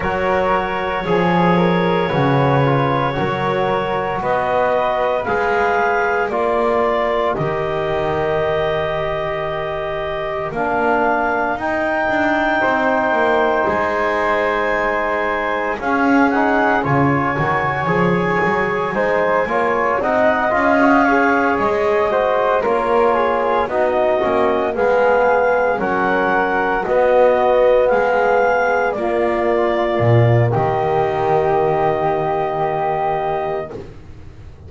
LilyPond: <<
  \new Staff \with { instrumentName = "clarinet" } { \time 4/4 \tempo 4 = 57 cis''1 | dis''4 f''4 d''4 dis''4~ | dis''2 f''4 g''4~ | g''4 gis''2 f''8 fis''8 |
gis''2. fis''8 f''8~ | f''8 dis''4 cis''4 dis''4 f''8~ | f''8 fis''4 dis''4 f''4 d''8~ | d''4 dis''2. | }
  \new Staff \with { instrumentName = "flute" } { \time 4/4 ais'4 gis'8 ais'8 b'4 ais'4 | b'2 ais'2~ | ais'1 | c''2. gis'4 |
cis''2 c''8 cis''8 dis''4 | cis''4 c''8 ais'8 gis'8 fis'4 gis'8~ | gis'8 ais'4 fis'4 gis'4 f'8~ | f'4 g'2. | }
  \new Staff \with { instrumentName = "trombone" } { \time 4/4 fis'4 gis'4 fis'8 f'8 fis'4~ | fis'4 gis'4 f'4 g'4~ | g'2 d'4 dis'4~ | dis'2. cis'8 dis'8 |
f'8 fis'8 gis'4 dis'8 f'8 dis'8 f'16 fis'16 | gis'4 fis'8 f'4 dis'8 cis'8 b8~ | b8 cis'4 b2 ais8~ | ais1 | }
  \new Staff \with { instrumentName = "double bass" } { \time 4/4 fis4 f4 cis4 fis4 | b4 gis4 ais4 dis4~ | dis2 ais4 dis'8 d'8 | c'8 ais8 gis2 cis'4 |
cis8 dis8 f8 fis8 gis8 ais8 c'8 cis'8~ | cis'8 gis4 ais4 b8 ais8 gis8~ | gis8 fis4 b4 gis4 ais8~ | ais8 ais,8 dis2. | }
>>